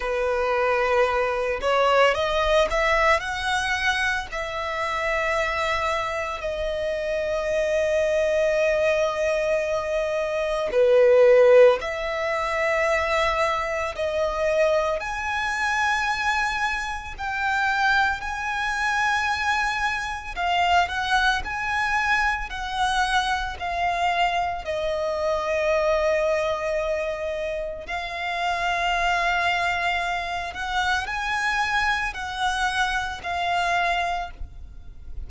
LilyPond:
\new Staff \with { instrumentName = "violin" } { \time 4/4 \tempo 4 = 56 b'4. cis''8 dis''8 e''8 fis''4 | e''2 dis''2~ | dis''2 b'4 e''4~ | e''4 dis''4 gis''2 |
g''4 gis''2 f''8 fis''8 | gis''4 fis''4 f''4 dis''4~ | dis''2 f''2~ | f''8 fis''8 gis''4 fis''4 f''4 | }